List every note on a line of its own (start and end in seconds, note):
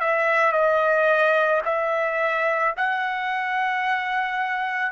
0.00 0.52 E5
0.52 1.61 D#5
1.65 2.74 E5
2.76 4.91 F#5